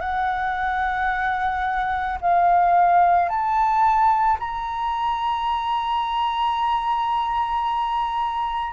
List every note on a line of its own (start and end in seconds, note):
0.00 2.18 F#5
2.21 3.29 F5
3.29 4.38 A5
4.39 8.73 A#5